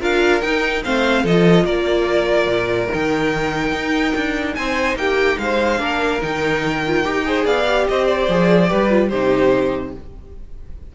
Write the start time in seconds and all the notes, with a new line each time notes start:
0.00 D4 F4 A#4 F5
0.41 D#4 G5
0.84 A3 C4 C5 F5
1.22 F3 F4 A4 D#5
1.64 A#3 A#4 D5
2.46 A#2
2.91 D#3 D#4 G5
3.72 D#4
4.15 D4
4.54 C4 C5 G#5
4.95 A#3 G4 G5
5.38 G#3 C5 F5
5.78 A#3 D4 A#4
6.22 D#3 D#4 G5
6.87 F4
7.04 D#4 G4
7.24 G#4 C5
7.44 B3 D5 F5
7.67 G4
7.88 C4 C5 D#5
8.06 D5
8.28 F3 G#4
8.68 G3 G4 B4
8.90 F4
9.09 C3 D#4 G4 C5